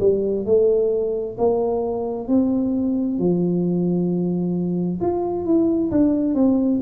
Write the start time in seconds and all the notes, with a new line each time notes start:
0.00 G3
0.45 A3
1.38 A#3
2.28 C4
3.19 F3
5.00 F4
5.45 E4
5.91 D4
6.34 C4